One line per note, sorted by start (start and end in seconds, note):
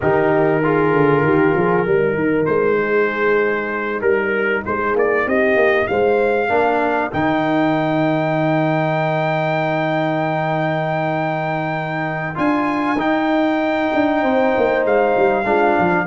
0.00 0.92 D#3
0.00 0.63 D#4
0.00 0.63 G4
0.00 2.45 A#4
0.63 1.86 F4
0.63 1.24 G#4
0.92 1.22 D3
1.22 1.53 D#3
1.22 1.55 G4
1.55 1.86 F3
1.55 1.85 G#4
1.85 2.14 G3
1.85 6.49 D#4
1.85 2.78 A#4
2.14 2.45 D#3
2.45 4.01 G#3
2.45 4.00 C5
2.79 4.01 G#4
4.01 4.63 G3
4.01 4.63 A#4
4.65 4.95 G#3
4.65 5.27 G#4
4.65 4.96 C5
4.95 5.26 A#3
4.95 5.28 D5
5.26 5.55 C4
5.26 5.88 G4
5.26 5.87 D#5
5.55 5.86 A#3
5.87 6.49 G#3
5.87 6.49 C5
5.87 7.10 F5
6.49 7.11 A#3
6.49 7.11 D4
6.49 14.21 A#4
7.11 12.37 D#3
7.11 12.35 D#4
7.11 12.38 G5
12.35 12.97 D4
12.35 12.96 F4
12.35 13.00 G#5
12.97 13.90 D#4
12.97 15.44 D#4
12.97 14.85 G5
13.93 14.23 D4
14.21 14.54 C4
14.21 15.45 C5
14.57 14.84 A#3
14.84 15.15 G#3
14.84 16.07 F5
15.16 15.44 G3
15.44 15.75 G#3
15.44 16.06 D4
15.44 16.07 F4
15.79 16.07 F3